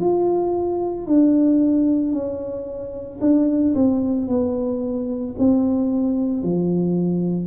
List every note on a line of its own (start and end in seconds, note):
0.00 1.07 F4
1.07 2.12 D4
2.12 3.19 C#4
3.21 3.75 D4
3.75 4.28 C4
4.28 5.35 B3
5.39 6.43 C4
6.43 7.47 F3